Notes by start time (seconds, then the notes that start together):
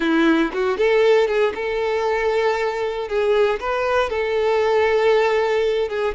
0.00 E4
0.53 F#4
0.77 A4
1.27 G#4
1.55 A4
3.08 G#4
3.60 B4
4.09 A4
5.88 G#4